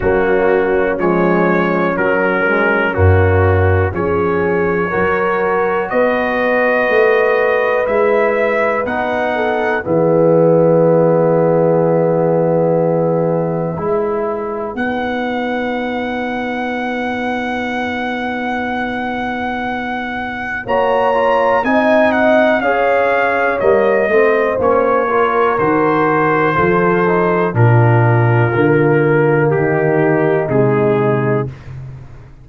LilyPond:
<<
  \new Staff \with { instrumentName = "trumpet" } { \time 4/4 \tempo 4 = 61 fis'4 cis''4 ais'4 fis'4 | cis''2 dis''2 | e''4 fis''4 e''2~ | e''2. fis''4~ |
fis''1~ | fis''4 ais''4 gis''8 fis''8 f''4 | dis''4 cis''4 c''2 | ais'2 g'4 gis'4 | }
  \new Staff \with { instrumentName = "horn" } { \time 4/4 cis'1 | gis'4 ais'4 b'2~ | b'4. a'8 gis'2~ | gis'2 b'2~ |
b'1~ | b'4 cis''4 dis''4 cis''4~ | cis''8 c''4 ais'4. a'4 | f'2 dis'2 | }
  \new Staff \with { instrumentName = "trombone" } { \time 4/4 ais4 gis4 fis8 gis8 ais4 | cis'4 fis'2. | e'4 dis'4 b2~ | b2 e'4 dis'4~ |
dis'1~ | dis'4 fis'8 f'8 dis'4 gis'4 | ais8 c'8 cis'8 f'8 fis'4 f'8 dis'8 | d'4 ais2 gis4 | }
  \new Staff \with { instrumentName = "tuba" } { \time 4/4 fis4 f4 fis4 fis,4 | f4 fis4 b4 a4 | gis4 b4 e2~ | e2 gis4 b4~ |
b1~ | b4 ais4 c'4 cis'4 | g8 a8 ais4 dis4 f4 | ais,4 d4 dis4 c4 | }
>>